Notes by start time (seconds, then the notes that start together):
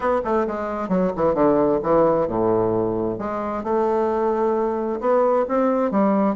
0.00 B3
0.24 A3
0.47 G#3
0.88 F#3
1.16 E3
1.34 D3
1.82 E3
2.27 A2
3.18 G#3
3.63 A3
5.00 B3
5.48 C4
5.91 G3